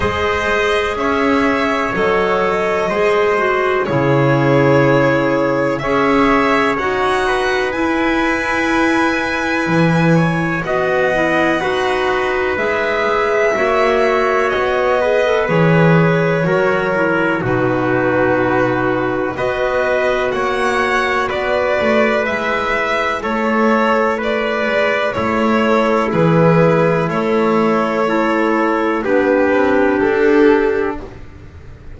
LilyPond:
<<
  \new Staff \with { instrumentName = "violin" } { \time 4/4 \tempo 4 = 62 dis''4 e''4 dis''2 | cis''2 e''4 fis''4 | gis''2. fis''4~ | fis''4 e''2 dis''4 |
cis''2 b'2 | dis''4 fis''4 d''4 e''4 | cis''4 d''4 cis''4 b'4 | cis''2 b'4 a'4 | }
  \new Staff \with { instrumentName = "trumpet" } { \time 4/4 c''4 cis''2 c''4 | gis'2 cis''4. b'8~ | b'2~ b'8 cis''8 dis''4 | b'2 cis''4. b'8~ |
b'4 ais'4 fis'2 | b'4 cis''4 b'2 | a'4 b'4 e'2~ | e'4 a'4 g'2 | }
  \new Staff \with { instrumentName = "clarinet" } { \time 4/4 gis'2 a'4 gis'8 fis'8 | e'2 gis'4 fis'4 | e'2. fis'8 e'8 | fis'4 gis'4 fis'4. gis'16 a'16 |
gis'4 fis'8 e'8 dis'2 | fis'2. e'4~ | e'2~ e'8 a'8 gis'4 | a'4 e'4 d'2 | }
  \new Staff \with { instrumentName = "double bass" } { \time 4/4 gis4 cis'4 fis4 gis4 | cis2 cis'4 dis'4 | e'2 e4 b4 | dis'4 gis4 ais4 b4 |
e4 fis4 b,2 | b4 ais4 b8 a8 gis4 | a4. gis8 a4 e4 | a2 b8 c'8 d'4 | }
>>